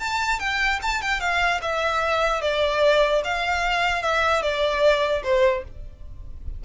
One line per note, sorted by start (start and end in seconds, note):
0.00 0.40 A5
0.40 0.80 G5
0.83 1.02 A5
1.02 1.21 G5
1.21 1.61 F5
1.62 2.42 E5
2.42 3.23 D5
3.25 4.03 F5
4.03 4.42 E5
4.42 5.23 D5
5.24 5.64 C5